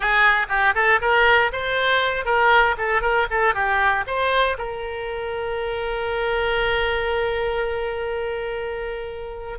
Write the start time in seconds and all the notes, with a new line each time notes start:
0.00 G#4
0.48 G4
0.74 A4
1.01 A#4
1.52 C5
2.25 A#4
2.77 A4
3.01 A#4
3.30 A4
3.54 G4
4.06 C5
4.57 A#4